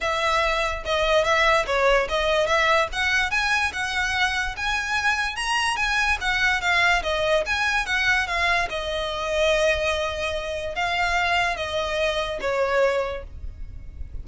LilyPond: \new Staff \with { instrumentName = "violin" } { \time 4/4 \tempo 4 = 145 e''2 dis''4 e''4 | cis''4 dis''4 e''4 fis''4 | gis''4 fis''2 gis''4~ | gis''4 ais''4 gis''4 fis''4 |
f''4 dis''4 gis''4 fis''4 | f''4 dis''2.~ | dis''2 f''2 | dis''2 cis''2 | }